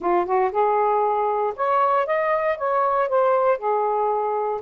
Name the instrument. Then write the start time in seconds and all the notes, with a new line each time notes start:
saxophone
0.00 F4
0.25 F#4
0.51 G#4
1.56 C#5
2.06 D#5
2.57 C#5
3.08 C5
3.58 G#4